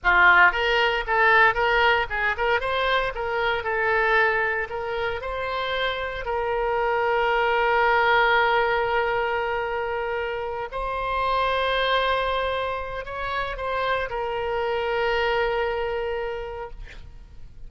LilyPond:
\new Staff \with { instrumentName = "oboe" } { \time 4/4 \tempo 4 = 115 f'4 ais'4 a'4 ais'4 | gis'8 ais'8 c''4 ais'4 a'4~ | a'4 ais'4 c''2 | ais'1~ |
ais'1~ | ais'8 c''2.~ c''8~ | c''4 cis''4 c''4 ais'4~ | ais'1 | }